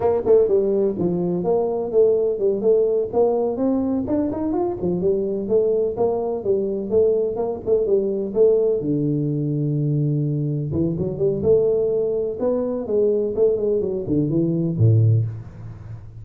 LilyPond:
\new Staff \with { instrumentName = "tuba" } { \time 4/4 \tempo 4 = 126 ais8 a8 g4 f4 ais4 | a4 g8 a4 ais4 c'8~ | c'8 d'8 dis'8 f'8 f8 g4 a8~ | a8 ais4 g4 a4 ais8 |
a8 g4 a4 d4.~ | d2~ d8 e8 fis8 g8 | a2 b4 gis4 | a8 gis8 fis8 d8 e4 a,4 | }